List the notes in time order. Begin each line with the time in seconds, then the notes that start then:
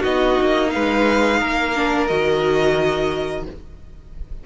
0.00 B3 D#4 F#4 D#5
0.41 A#3
0.70 G#3 B4 F5
1.40 A#3 A#4
1.75 D4
2.07 D#3 F#4 D#5